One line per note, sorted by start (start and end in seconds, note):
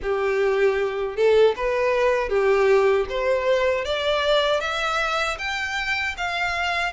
0.02 1.16 G4
1.16 1.54 A4
1.56 2.29 B4
2.29 3.06 G4
3.09 3.84 C5
3.84 4.60 D5
4.60 5.37 E5
5.38 6.15 G5
6.17 6.92 F5